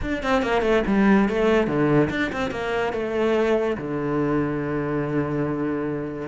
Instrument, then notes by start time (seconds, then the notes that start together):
cello
0.02 D4
0.23 C4
0.42 A#3
0.61 A3
0.87 G3
1.28 A3
1.67 D3
2.10 D4
2.32 C4
2.50 A#3
2.93 A3
3.77 D3